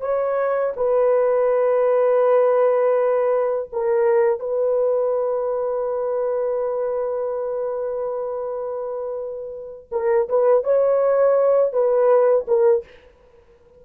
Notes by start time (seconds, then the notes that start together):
0.00 C#5
0.76 B4
3.72 A#4
4.39 B4
9.91 A#4
10.28 B4
10.63 C#5
11.72 B4
12.47 A#4